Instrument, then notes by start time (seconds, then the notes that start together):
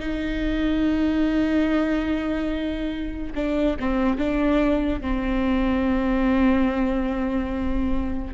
viola
0.00 D#4
3.36 D4
3.80 C4
4.18 D4
5.02 C4